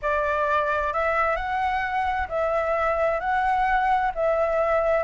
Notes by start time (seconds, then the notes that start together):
0.02 D5
0.93 E5
1.35 F#5
2.28 E5
3.20 F#5
4.14 E5